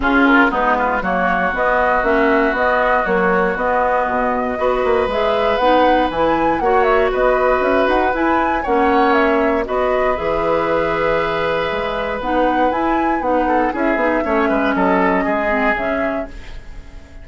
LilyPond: <<
  \new Staff \with { instrumentName = "flute" } { \time 4/4 \tempo 4 = 118 gis'8 ais'8 b'4 cis''4 dis''4 | e''4 dis''4 cis''4 dis''4~ | dis''2 e''4 fis''4 | gis''4 fis''8 e''8 dis''4 e''8 fis''8 |
gis''4 fis''4 e''4 dis''4 | e''1 | fis''4 gis''4 fis''4 e''4~ | e''4 dis''2 e''4 | }
  \new Staff \with { instrumentName = "oboe" } { \time 4/4 f'4 dis'8 f'8 fis'2~ | fis'1~ | fis'4 b'2.~ | b'4 cis''4 b'2~ |
b'4 cis''2 b'4~ | b'1~ | b'2~ b'8 a'8 gis'4 | cis''8 b'8 a'4 gis'2 | }
  \new Staff \with { instrumentName = "clarinet" } { \time 4/4 cis'4 b4 ais4 b4 | cis'4 b4 fis4 b4~ | b4 fis'4 gis'4 dis'4 | e'4 fis'2. |
e'4 cis'2 fis'4 | gis'1 | dis'4 e'4 dis'4 e'8 dis'8 | cis'2~ cis'8 c'8 cis'4 | }
  \new Staff \with { instrumentName = "bassoon" } { \time 4/4 cis4 gis4 fis4 b4 | ais4 b4 ais4 b4 | b,4 b8 ais8 gis4 b4 | e4 ais4 b4 cis'8 dis'8 |
e'4 ais2 b4 | e2. gis4 | b4 e'4 b4 cis'8 b8 | a8 gis8 fis4 gis4 cis4 | }
>>